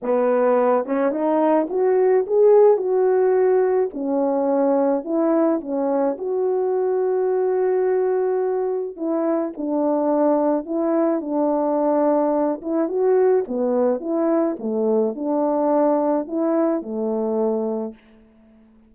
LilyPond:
\new Staff \with { instrumentName = "horn" } { \time 4/4 \tempo 4 = 107 b4. cis'8 dis'4 fis'4 | gis'4 fis'2 cis'4~ | cis'4 e'4 cis'4 fis'4~ | fis'1 |
e'4 d'2 e'4 | d'2~ d'8 e'8 fis'4 | b4 e'4 a4 d'4~ | d'4 e'4 a2 | }